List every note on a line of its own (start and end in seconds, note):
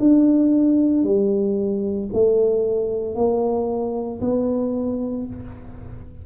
0.00 1.04 D4
1.04 2.09 G3
2.13 3.15 A3
3.15 4.21 A#3
4.21 5.26 B3